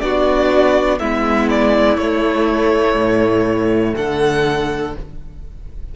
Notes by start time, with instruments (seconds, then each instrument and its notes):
0.00 cello B3, viola D4, violin F#4 D5
0.99 cello G#3, viola B3, violin E4 E5
1.50 violin D5
1.97 cello A3, viola A3, violin C#5
2.96 cello A2
3.96 cello D3, violin A4 F#5